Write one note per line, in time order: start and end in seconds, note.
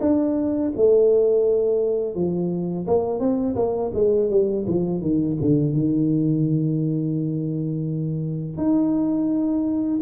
0.00 0.71 D4
0.76 2.15 A3
2.15 2.86 F3
2.87 3.19 A#3
3.19 3.55 C4
3.56 3.91 A#3
3.94 4.30 G#3
4.30 4.65 G3
4.67 5.01 F3
5.01 5.37 D#3
5.41 5.73 D3
5.73 8.57 D#3
8.57 10.00 D#4